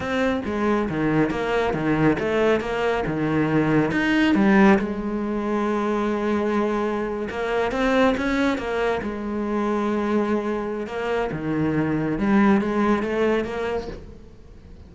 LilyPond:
\new Staff \with { instrumentName = "cello" } { \time 4/4 \tempo 4 = 138 c'4 gis4 dis4 ais4 | dis4 a4 ais4 dis4~ | dis4 dis'4 g4 gis4~ | gis1~ |
gis8. ais4 c'4 cis'4 ais16~ | ais8. gis2.~ gis16~ | gis4 ais4 dis2 | g4 gis4 a4 ais4 | }